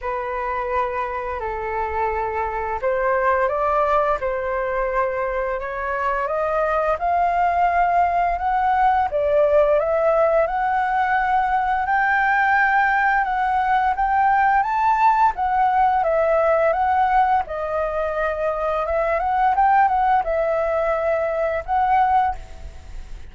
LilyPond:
\new Staff \with { instrumentName = "flute" } { \time 4/4 \tempo 4 = 86 b'2 a'2 | c''4 d''4 c''2 | cis''4 dis''4 f''2 | fis''4 d''4 e''4 fis''4~ |
fis''4 g''2 fis''4 | g''4 a''4 fis''4 e''4 | fis''4 dis''2 e''8 fis''8 | g''8 fis''8 e''2 fis''4 | }